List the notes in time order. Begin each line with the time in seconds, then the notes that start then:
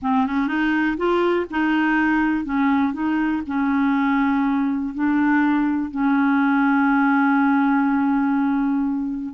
0.02 C4
0.26 C#4
0.47 D#4
0.97 F4
1.50 D#4
2.44 C#4
2.93 D#4
3.46 C#4
4.94 D4
5.91 C#4